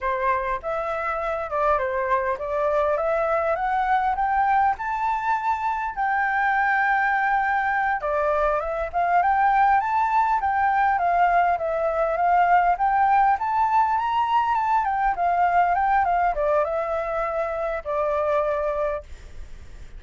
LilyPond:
\new Staff \with { instrumentName = "flute" } { \time 4/4 \tempo 4 = 101 c''4 e''4. d''8 c''4 | d''4 e''4 fis''4 g''4 | a''2 g''2~ | g''4. d''4 e''8 f''8 g''8~ |
g''8 a''4 g''4 f''4 e''8~ | e''8 f''4 g''4 a''4 ais''8~ | ais''8 a''8 g''8 f''4 g''8 f''8 d''8 | e''2 d''2 | }